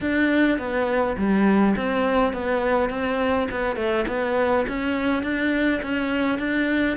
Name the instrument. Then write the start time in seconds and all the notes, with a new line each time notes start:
cello
0.00 D4
0.58 B3
1.17 G3
1.76 C4
2.33 B3
2.89 C4
3.51 B3
3.75 A3
4.07 B3
4.68 C#4
5.23 D4
5.82 C#4
6.38 D4